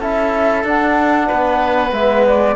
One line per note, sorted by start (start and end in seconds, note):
0.00 0.64 C#4
0.00 0.65 E4
0.00 1.28 A4
0.00 0.66 E5
0.64 1.28 D4
0.64 1.93 D4
0.64 1.94 F#5
1.28 1.92 B3
1.28 2.55 B4
1.92 2.56 G#3
1.92 2.56 B3
1.92 2.26 E5
2.27 2.56 D5